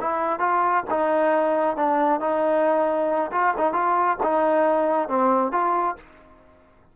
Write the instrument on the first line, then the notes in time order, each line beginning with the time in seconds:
trombone
0.00 E4
0.39 F4
0.90 D#4
1.76 D4
2.20 D#4
3.32 F4
3.57 D#4
3.73 F4
4.23 D#4
5.08 C4
5.52 F4